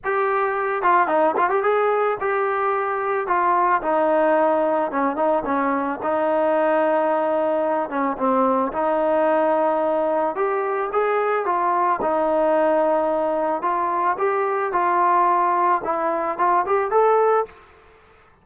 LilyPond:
\new Staff \with { instrumentName = "trombone" } { \time 4/4 \tempo 4 = 110 g'4. f'8 dis'8 f'16 g'16 gis'4 | g'2 f'4 dis'4~ | dis'4 cis'8 dis'8 cis'4 dis'4~ | dis'2~ dis'8 cis'8 c'4 |
dis'2. g'4 | gis'4 f'4 dis'2~ | dis'4 f'4 g'4 f'4~ | f'4 e'4 f'8 g'8 a'4 | }